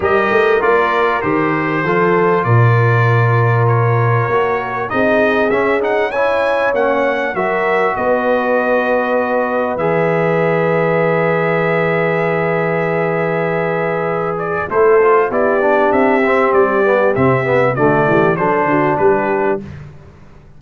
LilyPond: <<
  \new Staff \with { instrumentName = "trumpet" } { \time 4/4 \tempo 4 = 98 dis''4 d''4 c''2 | d''2 cis''2 | dis''4 e''8 fis''8 gis''4 fis''4 | e''4 dis''2. |
e''1~ | e''2.~ e''8 d''8 | c''4 d''4 e''4 d''4 | e''4 d''4 c''4 b'4 | }
  \new Staff \with { instrumentName = "horn" } { \time 4/4 ais'2. a'4 | ais'1 | gis'2 cis''2 | ais'4 b'2.~ |
b'1~ | b'1 | a'4 g'2.~ | g'4 fis'8 g'8 a'8 fis'8 g'4 | }
  \new Staff \with { instrumentName = "trombone" } { \time 4/4 g'4 f'4 g'4 f'4~ | f'2. fis'4 | dis'4 cis'8 dis'8 e'4 cis'4 | fis'1 |
gis'1~ | gis'1 | e'8 f'8 e'8 d'4 c'4 b8 | c'8 b8 a4 d'2 | }
  \new Staff \with { instrumentName = "tuba" } { \time 4/4 g8 a8 ais4 dis4 f4 | ais,2. ais4 | c'4 cis'2 ais4 | fis4 b2. |
e1~ | e1 | a4 b4 c'4 g4 | c4 d8 e8 fis8 d8 g4 | }
>>